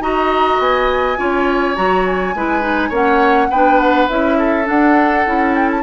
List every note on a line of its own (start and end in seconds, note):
0.00 0.58 D#4
0.00 1.17 F#4
0.00 1.18 D#5
0.00 0.60 A#5
0.59 1.17 B3
0.59 1.76 G#5
1.17 1.77 C#4
1.17 1.75 F4
1.17 2.35 C#5
1.75 2.35 F#3
1.75 2.33 F#4
1.75 2.05 A#5
2.06 2.93 G#5
2.35 2.90 G#3
2.35 2.61 E4
2.35 2.89 B4
2.61 2.90 D#4
2.89 3.48 A#3
2.89 3.50 C#4
2.89 3.47 C#5
2.89 3.51 F#5
3.50 4.09 B3
3.50 4.10 D4
3.50 4.38 B4
3.50 3.79 G5
3.79 4.08 F#5
4.09 4.68 C#4
4.09 4.64 E4
4.09 4.67 E5
4.39 5.83 A4
4.64 5.22 D4
4.64 5.26 D4
4.64 5.55 F#5
5.26 5.83 C#4
5.26 5.83 E4
5.55 5.69 G5
5.72 5.83 A5